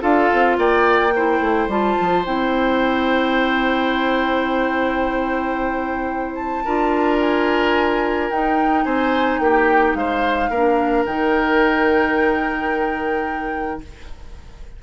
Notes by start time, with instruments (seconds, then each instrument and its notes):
0.00 bassoon D4, clarinet F4, oboe A4, flute F5
0.33 bassoon C4
0.58 bassoon A#3, oboe D5, flute G5
1.15 clarinet E4, oboe C5
1.40 bassoon A3
1.68 bassoon G3, clarinet F4, flute A5
2.00 bassoon F3
2.25 bassoon C4, clarinet E4, flute G5
6.35 flute A5
6.64 bassoon D4, clarinet F4, oboe A#4
7.21 flute G#5
8.30 bassoon D#4, clarinet D#4, flute G5
8.84 bassoon C4, oboe C5, flute G#5
9.38 bassoon A#3, oboe G4, flute G5
9.94 bassoon G#3, oboe C5, flute F5
10.49 bassoon A#3, clarinet D4, oboe A#4
11.06 bassoon D#3, clarinet D#4, flute G5